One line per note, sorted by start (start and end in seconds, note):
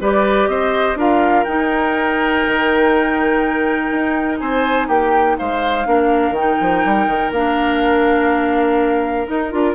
0.00 0.48 G3
0.00 0.97 G4
0.00 0.49 B4
0.00 0.48 D5
0.48 0.95 C4
0.48 0.98 C5
0.48 0.96 D#5
0.95 1.44 D4
0.95 1.46 F4
0.95 4.39 A#4
0.95 1.44 F5
1.44 5.85 D#4
1.44 2.45 D#4
1.44 4.37 G5
2.46 3.91 D#3
3.91 4.40 D#4
4.38 4.88 C4
4.38 4.87 C5
4.38 4.87 G#5
4.87 5.37 A#3
4.87 5.36 G4
4.87 5.37 G5
5.38 5.86 G#3
5.38 5.87 C5
5.38 6.35 F5
5.85 6.31 A#3
5.85 6.34 D4
5.85 9.74 A#4
6.31 6.55 D#3
6.31 7.32 G5
6.37 7.34 D#4
6.60 6.85 F3
6.85 7.06 G3
7.06 7.31 D#3
7.31 9.26 A#3
7.31 9.27 D4
7.31 9.27 F5
9.27 9.51 D#4
9.27 9.53 D#4
9.27 9.74 A#4
9.51 9.74 D4
9.51 9.74 F4